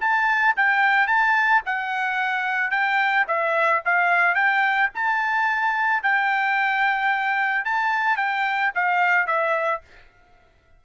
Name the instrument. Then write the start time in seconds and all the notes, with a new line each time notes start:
trumpet
0.00 A5
0.56 G5
1.07 A5
1.65 F#5
2.70 G5
3.27 E5
3.85 F5
4.34 G5
4.94 A5
6.03 G5
7.65 A5
8.17 G5
8.75 F5
9.27 E5